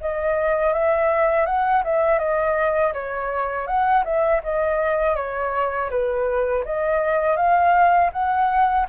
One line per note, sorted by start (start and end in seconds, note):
0.00 0.73 D#5
0.73 1.45 E5
1.45 1.82 F#5
1.84 2.19 E5
2.19 2.92 D#5
2.93 3.66 C#5
3.66 4.03 F#5
4.04 4.41 E5
4.43 5.15 D#5
5.15 5.90 C#5
5.90 6.64 B4
6.65 7.36 D#5
7.36 8.10 F5
8.12 8.87 F#5